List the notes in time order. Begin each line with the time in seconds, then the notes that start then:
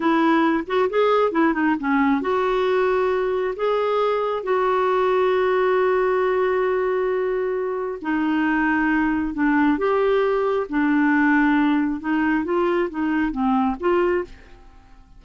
0.00 E4
0.66 F#4
0.89 G#4
1.31 E4
1.53 D#4
1.79 C#4
2.21 F#4
3.56 G#4
4.43 F#4
8.01 D#4
9.34 D4
9.77 G4
10.69 D4
12.00 D#4
12.44 F4
12.89 D#4
13.31 C4
13.79 F4